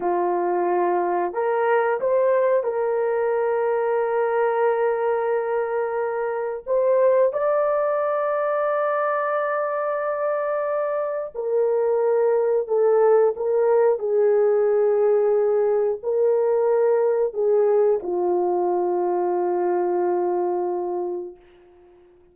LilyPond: \new Staff \with { instrumentName = "horn" } { \time 4/4 \tempo 4 = 90 f'2 ais'4 c''4 | ais'1~ | ais'2 c''4 d''4~ | d''1~ |
d''4 ais'2 a'4 | ais'4 gis'2. | ais'2 gis'4 f'4~ | f'1 | }